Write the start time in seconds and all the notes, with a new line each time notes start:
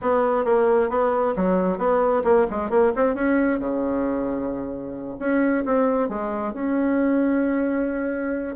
0.01 B3
0.44 A#3
0.89 B3
1.36 F#3
1.77 B3
2.24 A#3
2.50 G#3
2.69 A#3
2.95 C4
3.14 C#4
3.59 C#3
5.19 C#4
5.65 C4
6.09 G#3
6.53 C#4